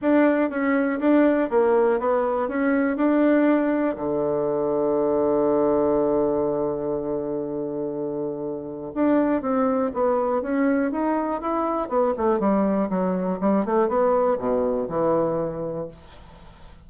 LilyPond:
\new Staff \with { instrumentName = "bassoon" } { \time 4/4 \tempo 4 = 121 d'4 cis'4 d'4 ais4 | b4 cis'4 d'2 | d1~ | d1~ |
d2 d'4 c'4 | b4 cis'4 dis'4 e'4 | b8 a8 g4 fis4 g8 a8 | b4 b,4 e2 | }